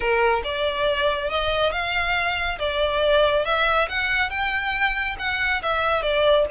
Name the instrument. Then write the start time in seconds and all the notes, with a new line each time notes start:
violin
0.00 A#4
0.43 D5
1.29 D#5
1.72 F5
2.59 D5
3.45 E5
3.88 F#5
4.29 G5
5.19 F#5
5.62 E5
6.02 D5